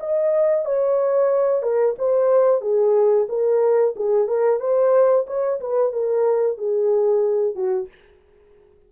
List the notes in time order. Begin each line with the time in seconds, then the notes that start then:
0.00 D#5
0.65 C#5
1.62 A#4
1.98 C5
2.61 G#4
3.28 A#4
3.96 G#4
4.27 A#4
4.60 C5
5.27 C#5
5.60 B4
5.92 A#4
6.58 G#4
7.55 F#4